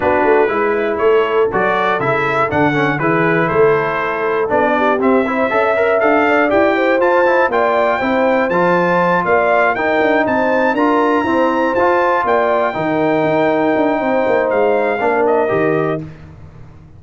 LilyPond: <<
  \new Staff \with { instrumentName = "trumpet" } { \time 4/4 \tempo 4 = 120 b'2 cis''4 d''4 | e''4 fis''4 b'4 c''4~ | c''4 d''4 e''2 | f''4 g''4 a''4 g''4~ |
g''4 a''4. f''4 g''8~ | g''8 a''4 ais''2 a''8~ | a''8 g''2.~ g''8~ | g''4 f''4. dis''4. | }
  \new Staff \with { instrumentName = "horn" } { \time 4/4 fis'4 e'4 a'2~ | a'2 gis'4 a'4~ | a'4. g'4 c''8 e''4~ | e''8 d''4 c''4. d''4 |
c''2~ c''8 d''4 ais'8~ | ais'8 c''4 ais'4 c''4.~ | c''8 d''4 ais'2~ ais'8 | c''2 ais'2 | }
  \new Staff \with { instrumentName = "trombone" } { \time 4/4 d'4 e'2 fis'4 | e'4 d'8 cis'8 e'2~ | e'4 d'4 c'8 e'8 a'8 ais'8 | a'4 g'4 f'8 e'8 f'4 |
e'4 f'2~ f'8 dis'8~ | dis'4. f'4 c'4 f'8~ | f'4. dis'2~ dis'8~ | dis'2 d'4 g'4 | }
  \new Staff \with { instrumentName = "tuba" } { \time 4/4 b8 a8 gis4 a4 fis4 | cis4 d4 e4 a4~ | a4 b4 c'4 cis'4 | d'4 e'4 f'4 ais4 |
c'4 f4. ais4 dis'8 | d'8 c'4 d'4 e'4 f'8~ | f'8 ais4 dis4 dis'4 d'8 | c'8 ais8 gis4 ais4 dis4 | }
>>